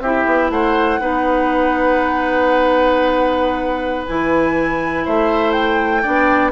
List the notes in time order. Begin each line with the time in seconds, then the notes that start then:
0.00 C4 E4 G4 E5
0.26 B3
0.50 A3 C5 F#5
1.00 B3 D#4 B4
4.07 E3 E4 G#5
5.05 A3 C5 E5
5.51 G5
6.02 B3 D4 D5